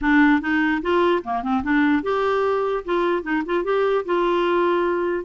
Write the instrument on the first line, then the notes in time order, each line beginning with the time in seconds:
clarinet
0.01 D4
0.41 D#4
0.82 F4
1.23 A#3
1.42 C4
1.63 D4
2.03 G4
2.85 F4
3.22 D#4
3.45 F4
3.64 G4
4.05 F4